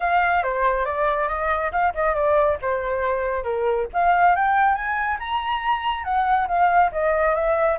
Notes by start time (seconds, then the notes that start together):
0.00 F5
0.43 C5
0.85 D5
1.28 D#5
1.72 F5
1.94 D#5
2.14 D5
2.61 C5
3.43 A#4
3.93 F5
4.35 G5
4.75 G#5
5.19 A#5
6.04 F#5
6.47 F5
6.92 D#5
7.34 E5